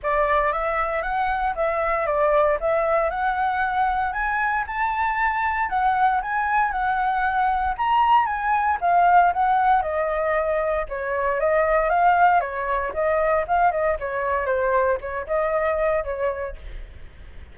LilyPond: \new Staff \with { instrumentName = "flute" } { \time 4/4 \tempo 4 = 116 d''4 e''4 fis''4 e''4 | d''4 e''4 fis''2 | gis''4 a''2 fis''4 | gis''4 fis''2 ais''4 |
gis''4 f''4 fis''4 dis''4~ | dis''4 cis''4 dis''4 f''4 | cis''4 dis''4 f''8 dis''8 cis''4 | c''4 cis''8 dis''4. cis''4 | }